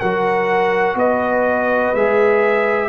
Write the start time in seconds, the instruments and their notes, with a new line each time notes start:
0.00 tuba F#3, trombone F#4, horn A#4, trumpet F#5
0.95 tuba B3, horn B4, trumpet D#5
1.94 tuba G#3, trombone G#4, trumpet E5